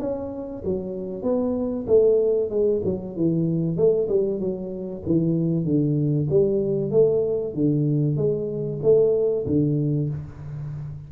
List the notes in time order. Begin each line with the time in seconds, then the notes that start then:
0.00 C#4
0.65 F#3
1.23 B3
1.87 A3
2.50 G#3
2.85 F#3
3.17 E3
3.77 A3
4.09 G3
4.40 F#3
5.06 E3
5.65 D3
6.30 G3
6.91 A3
7.54 D3
8.17 G#3
8.83 A3
9.47 D3